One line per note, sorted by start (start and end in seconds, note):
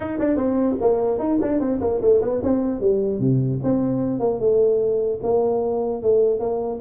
0.00 0.18 D#4
0.19 0.36 D4
0.36 0.76 C4
0.80 1.19 A#3
1.19 1.39 D#4
1.41 1.60 D4
1.60 1.80 C4
1.81 2.01 A#3
2.01 2.21 A3
2.21 2.41 B3
2.43 2.80 C4
2.80 3.19 G3
3.19 3.59 C3
3.63 4.19 C4
4.19 4.39 A#3
4.39 5.19 A3
5.23 6.02 A#3
6.02 6.39 A3
6.39 6.79 A#3